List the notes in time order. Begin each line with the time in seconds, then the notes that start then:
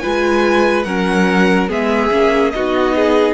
0.00 G#3 F4 B4 G#5
0.84 F#3 C#4 A#4 F#5
1.69 G#3 B3 G#4 E5
2.12 A#3 C#4
2.51 B3 D#4 F#4 D#5
2.96 G#4